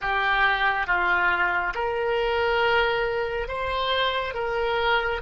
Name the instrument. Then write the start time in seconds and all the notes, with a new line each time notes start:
oboe
0.01 G4
0.87 F4
1.74 A#4
3.47 C5
4.34 A#4